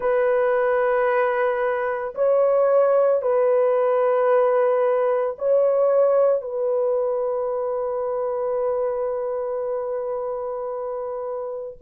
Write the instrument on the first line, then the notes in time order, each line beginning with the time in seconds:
horn
0.00 B4
2.14 C#5
3.21 B4
5.38 C#5
6.41 B4